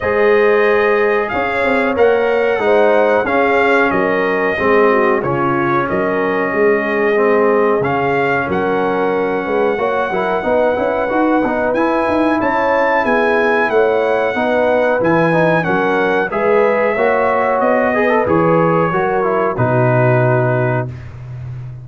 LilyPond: <<
  \new Staff \with { instrumentName = "trumpet" } { \time 4/4 \tempo 4 = 92 dis''2 f''4 fis''4~ | fis''4 f''4 dis''2 | cis''4 dis''2. | f''4 fis''2.~ |
fis''2 gis''4 a''4 | gis''4 fis''2 gis''4 | fis''4 e''2 dis''4 | cis''2 b'2 | }
  \new Staff \with { instrumentName = "horn" } { \time 4/4 c''2 cis''2 | c''4 gis'4 ais'4 gis'8 fis'8 | f'4 ais'4 gis'2~ | gis'4 ais'4. b'8 cis''8 ais'8 |
b'2. cis''4 | gis'4 cis''4 b'2 | ais'4 b'4 cis''4. b'8~ | b'4 ais'4 fis'2 | }
  \new Staff \with { instrumentName = "trombone" } { \time 4/4 gis'2. ais'4 | dis'4 cis'2 c'4 | cis'2. c'4 | cis'2. fis'8 e'8 |
dis'8 e'8 fis'8 dis'8 e'2~ | e'2 dis'4 e'8 dis'8 | cis'4 gis'4 fis'4. gis'16 a'16 | gis'4 fis'8 e'8 dis'2 | }
  \new Staff \with { instrumentName = "tuba" } { \time 4/4 gis2 cis'8 c'8 ais4 | gis4 cis'4 fis4 gis4 | cis4 fis4 gis2 | cis4 fis4. gis8 ais8 fis8 |
b8 cis'8 dis'8 b8 e'8 dis'8 cis'4 | b4 a4 b4 e4 | fis4 gis4 ais4 b4 | e4 fis4 b,2 | }
>>